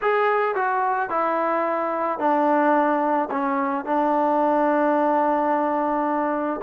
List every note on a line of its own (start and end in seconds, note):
0.01 0.55 G#4
0.55 1.09 F#4
1.09 2.19 E4
2.19 3.29 D4
3.31 3.85 C#4
3.85 6.60 D4